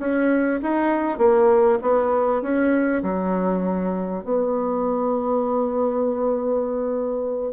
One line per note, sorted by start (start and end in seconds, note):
0.00 0.61 C#4
0.63 1.19 D#4
1.19 1.79 A#3
1.82 2.42 B3
2.42 3.03 C#4
3.03 4.25 F#3
4.25 7.53 B3